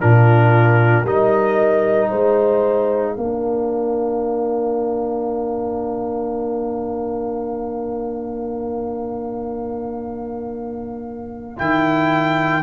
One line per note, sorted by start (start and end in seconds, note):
0.00 1.04 A#2
0.00 1.05 D4
0.00 1.03 F4
0.00 1.05 A#4
1.03 2.09 G3
1.03 3.17 D#4
1.03 2.09 A#4
1.03 2.11 D#5
2.09 3.17 G#3
2.09 3.14 C5
2.09 11.58 F5
3.14 11.59 A#3
3.14 11.57 D4
3.14 12.61 A#4
11.57 12.63 D#3
11.57 12.62 E4
11.57 12.63 G5